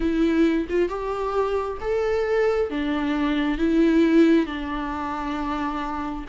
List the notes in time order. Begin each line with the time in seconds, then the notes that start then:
0.00 E4
0.69 F4
0.88 G4
1.81 A4
2.69 D4
3.58 E4
4.45 D4